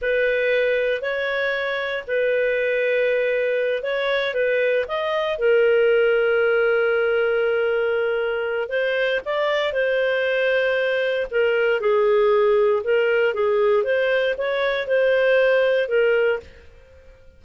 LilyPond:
\new Staff \with { instrumentName = "clarinet" } { \time 4/4 \tempo 4 = 117 b'2 cis''2 | b'2.~ b'8 cis''8~ | cis''8 b'4 dis''4 ais'4.~ | ais'1~ |
ais'4 c''4 d''4 c''4~ | c''2 ais'4 gis'4~ | gis'4 ais'4 gis'4 c''4 | cis''4 c''2 ais'4 | }